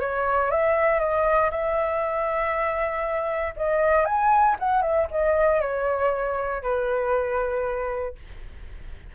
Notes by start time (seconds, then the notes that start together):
0.00 C#5
0.51 E5
0.99 D#5
1.51 E5
3.56 D#5
4.05 G#5
4.59 F#5
4.82 E5
5.11 D#5
5.61 C#5
6.63 B4